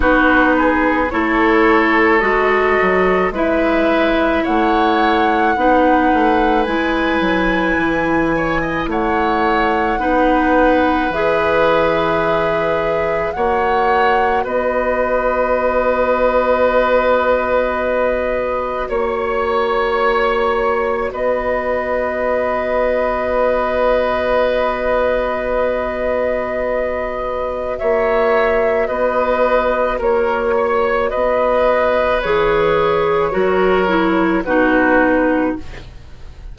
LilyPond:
<<
  \new Staff \with { instrumentName = "flute" } { \time 4/4 \tempo 4 = 54 b'4 cis''4 dis''4 e''4 | fis''2 gis''2 | fis''2 e''2 | fis''4 dis''2.~ |
dis''4 cis''2 dis''4~ | dis''1~ | dis''4 e''4 dis''4 cis''4 | dis''4 cis''2 b'4 | }
  \new Staff \with { instrumentName = "oboe" } { \time 4/4 fis'8 gis'8 a'2 b'4 | cis''4 b'2~ b'8 cis''16 dis''16 | cis''4 b'2. | cis''4 b'2.~ |
b'4 cis''2 b'4~ | b'1~ | b'4 cis''4 b'4 ais'8 cis''8 | b'2 ais'4 fis'4 | }
  \new Staff \with { instrumentName = "clarinet" } { \time 4/4 dis'4 e'4 fis'4 e'4~ | e'4 dis'4 e'2~ | e'4 dis'4 gis'2 | fis'1~ |
fis'1~ | fis'1~ | fis'1~ | fis'4 gis'4 fis'8 e'8 dis'4 | }
  \new Staff \with { instrumentName = "bassoon" } { \time 4/4 b4 a4 gis8 fis8 gis4 | a4 b8 a8 gis8 fis8 e4 | a4 b4 e2 | ais4 b2.~ |
b4 ais2 b4~ | b1~ | b4 ais4 b4 ais4 | b4 e4 fis4 b,4 | }
>>